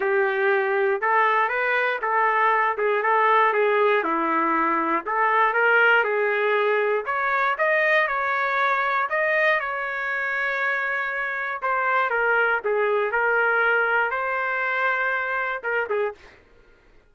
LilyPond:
\new Staff \with { instrumentName = "trumpet" } { \time 4/4 \tempo 4 = 119 g'2 a'4 b'4 | a'4. gis'8 a'4 gis'4 | e'2 a'4 ais'4 | gis'2 cis''4 dis''4 |
cis''2 dis''4 cis''4~ | cis''2. c''4 | ais'4 gis'4 ais'2 | c''2. ais'8 gis'8 | }